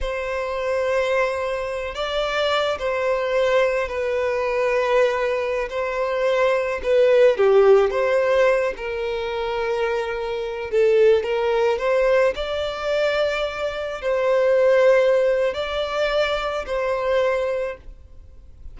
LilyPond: \new Staff \with { instrumentName = "violin" } { \time 4/4 \tempo 4 = 108 c''2.~ c''8 d''8~ | d''4 c''2 b'4~ | b'2~ b'16 c''4.~ c''16~ | c''16 b'4 g'4 c''4. ais'16~ |
ais'2.~ ais'16 a'8.~ | a'16 ais'4 c''4 d''4.~ d''16~ | d''4~ d''16 c''2~ c''8. | d''2 c''2 | }